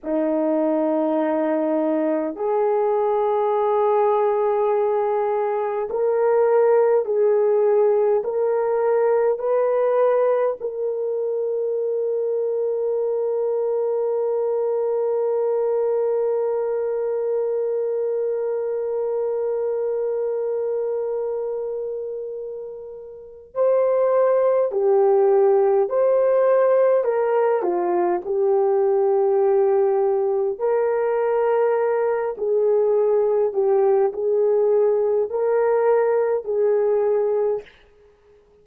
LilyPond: \new Staff \with { instrumentName = "horn" } { \time 4/4 \tempo 4 = 51 dis'2 gis'2~ | gis'4 ais'4 gis'4 ais'4 | b'4 ais'2.~ | ais'1~ |
ais'1 | c''4 g'4 c''4 ais'8 f'8 | g'2 ais'4. gis'8~ | gis'8 g'8 gis'4 ais'4 gis'4 | }